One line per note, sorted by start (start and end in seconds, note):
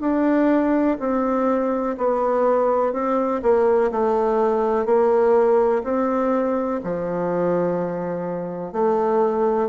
0.00 0.97 D4
0.99 1.96 C4
1.98 2.93 B3
2.93 3.41 C4
3.42 3.91 A#3
3.91 4.86 A3
4.86 5.82 A#3
5.83 6.80 C4
6.83 8.72 F3
8.72 9.69 A3